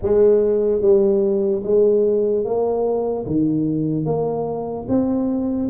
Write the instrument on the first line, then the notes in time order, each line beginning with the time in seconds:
tuba
0.01 G#3
0.81 G3
1.63 G#3
2.44 A#3
3.25 D#3
4.05 A#3
4.88 C4